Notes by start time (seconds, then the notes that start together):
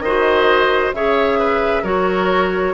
0.00 D#3 F#4 C5 D#5
0.93 C#3 G#4 C#5 E5
1.39 B4
1.83 F#3 F#4 A#4 C#5